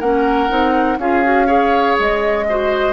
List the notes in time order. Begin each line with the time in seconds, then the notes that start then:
0.00 A#3 C#4 A#4 F#5
0.49 C4 D#4
0.98 C#4 F4 G#4 F5
1.24 F#4
1.47 G#4 C#5
1.99 G#3 D#5
2.50 F#4 C5